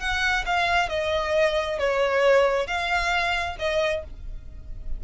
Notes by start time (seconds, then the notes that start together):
0.00 F#5
0.46 F5
0.89 D#5
1.79 C#5
2.67 F5
3.59 D#5